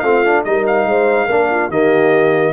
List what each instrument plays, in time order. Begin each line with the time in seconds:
0.00 tuba A3, trombone C4, horn F4, trumpet F5
0.25 trombone D4
0.45 tuba G3, trombone D#4, horn A#4, trumpet D#5
0.67 trumpet F5
0.86 tuba G#3, horn C5
1.26 tuba A#3, trombone D4, horn A#4
1.51 horn F4
1.70 tuba D#3, trombone A#3, horn G4, trumpet D#5